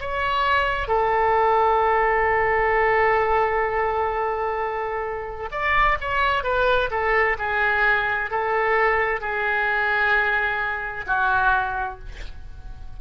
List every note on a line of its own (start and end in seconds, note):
0.00 0.88 C#5
0.88 5.49 A4
5.51 5.97 D5
6.00 6.43 C#5
6.43 6.89 B4
6.91 7.37 A4
7.38 8.30 G#4
8.30 9.21 A4
9.21 11.05 G#4
11.06 11.99 F#4